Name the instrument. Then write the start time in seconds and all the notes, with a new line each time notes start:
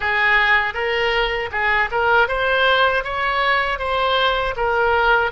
oboe
0.00 G#4
0.74 A#4
1.51 G#4
1.91 A#4
2.28 C5
3.03 C#5
3.78 C5
4.56 A#4